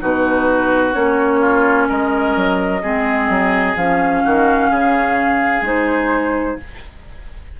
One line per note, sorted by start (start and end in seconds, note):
0.00 0.95 B2
0.00 0.93 D#4
0.00 1.41 F#4
0.00 0.94 B4
0.93 1.89 A#3
0.93 2.81 C#4
0.93 1.87 C#5
1.41 1.88 F4
1.88 2.36 G#3
1.88 2.82 A#4
1.88 3.76 D#5
2.36 2.83 F#3
2.82 3.29 G#3
2.82 3.76 C4
2.82 4.23 G#4
3.29 3.76 F#3
3.76 4.23 F3
3.76 5.64 C#4
3.76 5.64 F5
4.24 4.70 D#3
4.24 4.71 F#4
4.70 5.61 C#3
4.70 6.58 G#4
5.61 6.55 G#3
5.61 6.58 D#4
5.61 6.60 C5